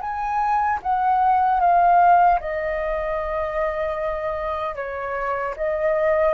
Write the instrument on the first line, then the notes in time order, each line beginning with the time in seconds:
flute
0.00 G#5
0.82 F#5
1.60 F5
2.40 D#5
4.75 C#5
5.56 D#5